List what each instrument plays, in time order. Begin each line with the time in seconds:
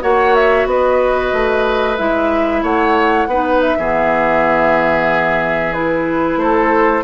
0.00 bassoon A#3, clarinet F#4, oboe C#5, flute F#5
0.34 flute E5
0.65 bassoon B3, oboe B4, flute D#5
1.33 bassoon A3
1.97 bassoon G#3, clarinet E4, flute E5
2.62 bassoon A3, oboe C#5, flute F#5
3.26 bassoon B3, clarinet D#4, oboe B4
3.61 flute E5
3.78 bassoon E3, clarinet B3, oboe G#4
5.73 clarinet E4, flute B4
6.36 bassoon A3, oboe A4, flute C5